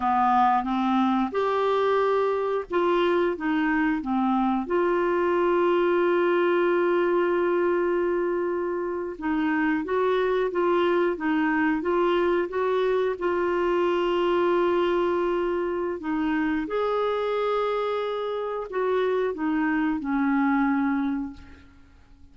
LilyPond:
\new Staff \with { instrumentName = "clarinet" } { \time 4/4 \tempo 4 = 90 b4 c'4 g'2 | f'4 dis'4 c'4 f'4~ | f'1~ | f'4.~ f'16 dis'4 fis'4 f'16~ |
f'8. dis'4 f'4 fis'4 f'16~ | f'1 | dis'4 gis'2. | fis'4 dis'4 cis'2 | }